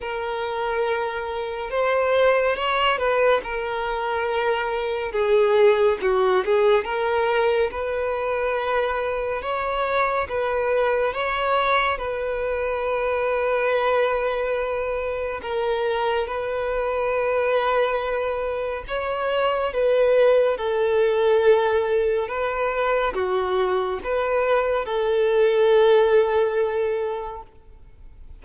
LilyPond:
\new Staff \with { instrumentName = "violin" } { \time 4/4 \tempo 4 = 70 ais'2 c''4 cis''8 b'8 | ais'2 gis'4 fis'8 gis'8 | ais'4 b'2 cis''4 | b'4 cis''4 b'2~ |
b'2 ais'4 b'4~ | b'2 cis''4 b'4 | a'2 b'4 fis'4 | b'4 a'2. | }